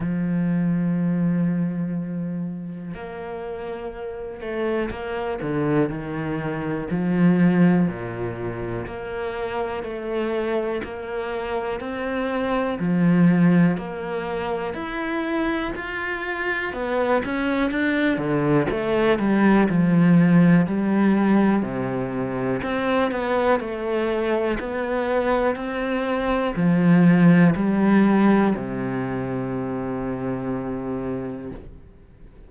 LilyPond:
\new Staff \with { instrumentName = "cello" } { \time 4/4 \tempo 4 = 61 f2. ais4~ | ais8 a8 ais8 d8 dis4 f4 | ais,4 ais4 a4 ais4 | c'4 f4 ais4 e'4 |
f'4 b8 cis'8 d'8 d8 a8 g8 | f4 g4 c4 c'8 b8 | a4 b4 c'4 f4 | g4 c2. | }